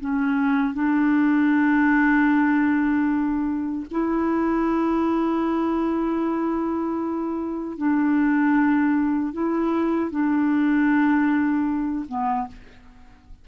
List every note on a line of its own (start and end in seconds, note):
0.00 0.74 C#4
0.74 3.86 D4
3.91 7.77 E4
7.77 9.33 D4
9.33 10.11 E4
10.11 12.06 D4
12.08 12.47 B3